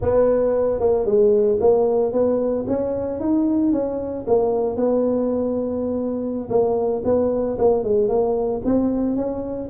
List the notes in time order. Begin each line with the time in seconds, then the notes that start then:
0.01 B3
0.80 A#3
1.05 G#3
1.60 A#3
2.12 B3
2.67 C#4
3.20 D#4
3.72 C#4
4.27 A#3
4.76 B3
6.49 A#3
7.04 B3
7.58 A#3
7.83 G#3
8.08 A#3
8.65 C4
9.15 C#4